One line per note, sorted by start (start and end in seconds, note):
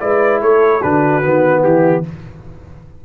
0.00 0.42 G#3
0.00 0.81 E4
0.00 0.42 B4
0.00 0.41 D5
0.42 0.83 A3
0.42 0.82 A4
0.42 0.82 C#5
0.82 1.24 D3
0.82 1.22 D4
0.82 1.63 F#4
0.82 1.63 B4
1.22 1.64 D#3
1.22 2.04 B3
1.63 2.05 E3
1.63 2.03 E4
1.63 2.04 G4